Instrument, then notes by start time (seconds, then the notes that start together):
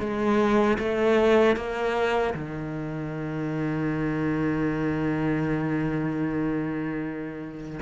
cello
0.00 G#3
0.79 A3
1.56 A#3
2.34 D#3